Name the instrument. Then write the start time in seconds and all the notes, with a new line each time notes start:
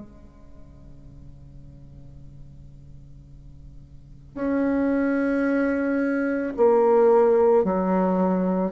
bassoon
0.00 C#3
4.35 C#4
6.57 A#3
7.64 F#3